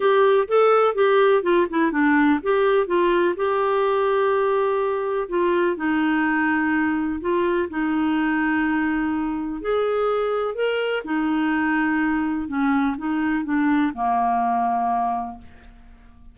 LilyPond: \new Staff \with { instrumentName = "clarinet" } { \time 4/4 \tempo 4 = 125 g'4 a'4 g'4 f'8 e'8 | d'4 g'4 f'4 g'4~ | g'2. f'4 | dis'2. f'4 |
dis'1 | gis'2 ais'4 dis'4~ | dis'2 cis'4 dis'4 | d'4 ais2. | }